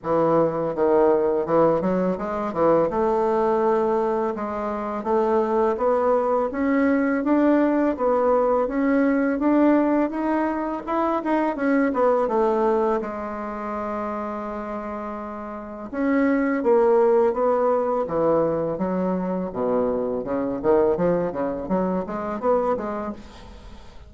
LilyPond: \new Staff \with { instrumentName = "bassoon" } { \time 4/4 \tempo 4 = 83 e4 dis4 e8 fis8 gis8 e8 | a2 gis4 a4 | b4 cis'4 d'4 b4 | cis'4 d'4 dis'4 e'8 dis'8 |
cis'8 b8 a4 gis2~ | gis2 cis'4 ais4 | b4 e4 fis4 b,4 | cis8 dis8 f8 cis8 fis8 gis8 b8 gis8 | }